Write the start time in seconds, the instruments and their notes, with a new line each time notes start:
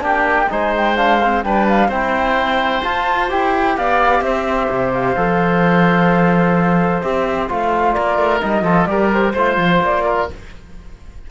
0.00 cello A#3, trombone D4, oboe G4
0.07 flute G5
0.50 cello G#3, trombone D#4, oboe C5, flute G#5
0.77 flute G5
0.96 trombone D4, flute F5
1.24 trombone C4
1.44 cello G3, trombone D4, oboe B4, flute G5
1.69 flute F5
1.88 cello C4, trombone E4, oboe C5, flute G5
2.83 trombone F4, cello F4, flute A5
3.29 cello E4, trombone G4, flute G5
3.77 cello B3, oboe D5, flute F5
4.21 cello C4, oboe C5, flute E5
4.70 cello C3
4.93 flute F5
5.16 cello F3, trombone A4
7.02 cello C4, trombone G4, flute E5
7.48 cello A3, trombone F4, flute F5
7.93 cello A#3, oboe A#4, flute D5
8.18 cello A3
8.40 cello G3, trombone D#4, flute D#5
8.62 cello F3, trombone F4, oboe A4
8.86 cello G3, trombone G4, oboe A#4, flute D5
9.13 flute C5
9.33 cello A3, trombone F4, oboe C5
9.57 cello F3
9.82 cello A#3, flute D5
10.05 oboe A#4